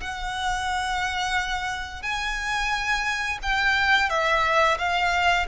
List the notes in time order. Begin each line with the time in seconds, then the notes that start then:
0.00 F#5
2.02 G#5
3.42 G5
4.09 E5
4.78 F5